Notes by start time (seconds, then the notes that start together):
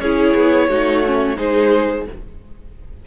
0.00 C#4 E4 G#4 C#5
0.35 B3
0.69 A3 D#4 F#4
1.07 C#4
1.36 G#3 D#4 G#4 C5